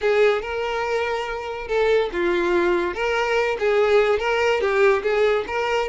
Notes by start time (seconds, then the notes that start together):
0.01 G#4
0.41 A#4
1.67 A4
2.12 F4
2.94 A#4
3.59 G#4
4.19 A#4
4.60 G4
5.02 G#4
5.47 A#4